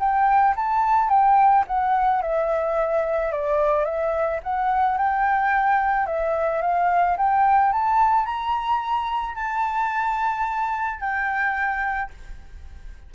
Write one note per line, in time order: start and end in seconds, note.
0.00 0.55 G5
0.56 1.10 A5
1.10 1.65 G5
1.68 2.23 F#5
2.23 3.32 E5
3.32 3.85 D5
3.85 4.40 E5
4.44 4.98 F#5
4.98 6.07 G5
6.07 6.62 E5
6.62 7.17 F5
7.18 7.73 G5
7.73 8.26 A5
8.26 9.35 A#5
9.35 11.00 A5
11.01 12.11 G5